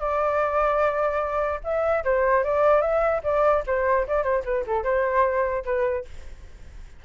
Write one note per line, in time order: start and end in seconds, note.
0.00 1.60 D5
1.64 2.04 E5
2.04 2.44 C5
2.44 2.82 D5
2.82 3.22 E5
3.23 3.63 D5
3.67 4.07 C5
4.07 4.23 D5
4.23 4.43 C5
4.45 4.65 B4
4.67 4.84 A4
4.84 5.64 C5
5.65 6.05 B4